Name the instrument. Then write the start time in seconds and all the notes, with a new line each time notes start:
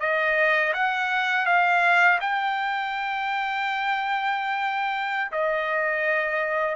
trumpet
0.00 D#5
0.74 F#5
1.46 F5
2.21 G5
5.32 D#5